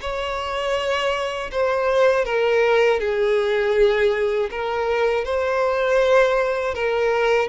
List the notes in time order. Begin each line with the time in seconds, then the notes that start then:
0.00 C#5
1.51 C5
2.25 A#4
3.00 G#4
4.50 A#4
5.24 C5
6.74 A#4